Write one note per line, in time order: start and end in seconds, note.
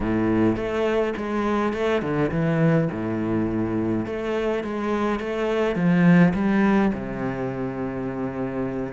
0.00 0.56 A2
0.56 1.13 A3
1.16 1.73 G#3
1.73 2.02 A3
2.02 2.31 D3
2.31 2.88 E3
2.91 4.06 A2
4.06 4.63 A3
4.63 5.19 G#3
5.19 5.75 A3
5.75 6.33 F3
6.34 6.92 G3
6.93 8.93 C3